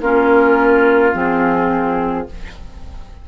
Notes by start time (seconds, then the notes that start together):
0.00 A#3 C#4 F4 A#4
1.13 F3 C4 G#4